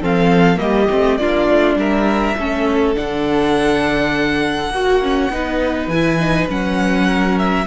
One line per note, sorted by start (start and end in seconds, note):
0.00 0.59 F3
0.00 0.56 C4
0.00 0.59 A4
0.00 0.58 F5
0.56 0.88 G3
0.56 0.86 A#3
0.56 1.20 G4
0.56 1.17 D#5
0.90 1.19 A3
0.90 1.20 C4
1.17 1.48 A#3
1.17 2.37 D4
1.17 1.78 F4
1.17 1.76 D5
1.50 1.75 A3
1.75 2.34 G3
1.75 2.37 A#4
1.75 2.95 E5
2.37 2.95 A3
2.37 2.95 C#4
2.37 4.73 A4
2.95 4.69 D3
2.95 4.71 D4
2.95 5.88 F#5
4.69 5.28 A#3
4.69 5.32 F#4
4.69 5.02 F#4
5.02 5.31 C#4
5.30 5.87 B3
5.30 5.91 D#4
5.30 7.07 B4
5.87 6.46 E3
5.87 6.19 E4
5.87 6.47 G#5
6.19 6.49 D#4
6.49 7.66 F#3
6.49 7.66 C#4
6.49 7.38 F#5
7.07 7.66 A#4
7.38 7.66 E5